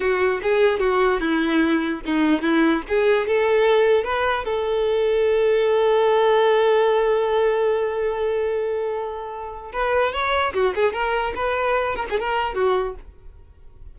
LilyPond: \new Staff \with { instrumentName = "violin" } { \time 4/4 \tempo 4 = 148 fis'4 gis'4 fis'4 e'4~ | e'4 dis'4 e'4 gis'4 | a'2 b'4 a'4~ | a'1~ |
a'1~ | a'1 | b'4 cis''4 fis'8 gis'8 ais'4 | b'4. ais'16 gis'16 ais'4 fis'4 | }